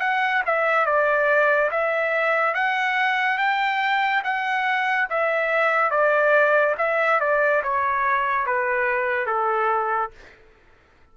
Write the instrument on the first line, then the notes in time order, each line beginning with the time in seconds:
trumpet
0.00 F#5
0.45 E5
0.85 D5
1.71 E5
2.54 F#5
3.38 G5
4.23 F#5
5.10 E5
5.90 D5
6.78 E5
7.19 D5
7.62 C#5
8.46 B4
9.26 A4